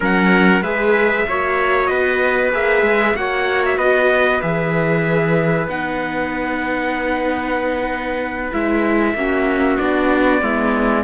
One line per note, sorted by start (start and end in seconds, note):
0.00 0.61 F#3
0.00 0.62 C#4
0.00 0.62 A#4
0.00 0.63 F#5
0.61 1.24 G#3
0.61 1.27 G#4
0.61 1.25 B4
0.61 1.86 E5
1.28 1.90 A#3
1.28 2.52 F#4
1.28 1.89 C#5
1.86 2.53 B3
1.86 3.16 B4
1.86 2.49 D#5
2.52 2.82 A#3
2.52 3.14 G#4
2.52 3.16 E5
2.82 3.13 G#3
3.14 3.77 A#3
3.14 4.40 F#4
3.14 3.77 C#5
3.14 3.63 F#5
3.65 3.78 E5
3.77 4.40 B3
3.77 9.14 B4
3.77 4.41 D#5
4.41 5.67 E3
4.41 5.67 G#4
4.41 5.67 E5
5.67 8.51 B3
5.67 8.52 D#4
5.67 8.52 F#5
8.52 9.14 G#3
8.52 9.15 E4
8.52 9.77 E5
9.14 9.77 A#3
9.14 9.79 C#4
9.14 10.43 F#4
9.77 10.41 B3
9.77 10.41 D4
9.77 11.04 D5
10.41 11.04 G#3
10.41 11.04 B3
10.41 11.04 E4